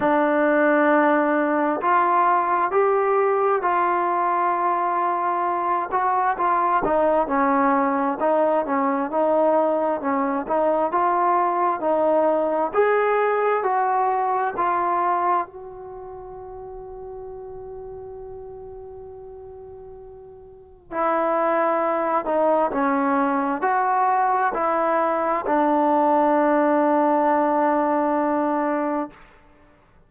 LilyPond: \new Staff \with { instrumentName = "trombone" } { \time 4/4 \tempo 4 = 66 d'2 f'4 g'4 | f'2~ f'8 fis'8 f'8 dis'8 | cis'4 dis'8 cis'8 dis'4 cis'8 dis'8 | f'4 dis'4 gis'4 fis'4 |
f'4 fis'2.~ | fis'2. e'4~ | e'8 dis'8 cis'4 fis'4 e'4 | d'1 | }